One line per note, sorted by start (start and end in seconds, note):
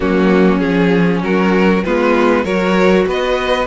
0.00 0.61 F#3
0.00 0.60 A#3
0.00 1.20 C#4
0.00 0.59 F#4
0.59 1.22 F3
0.59 1.83 C#4
0.59 1.20 G#4
1.22 1.83 F#3
1.22 1.84 F#4
1.22 1.84 A#4
1.84 2.44 G#3
1.84 2.44 B3
1.84 2.44 F4
1.84 2.44 B4
2.44 3.06 F#3
2.44 3.66 F#4
2.44 3.05 A#4
2.44 3.06 C#5
3.06 3.66 B3
3.06 3.66 B4
3.06 3.66 D#5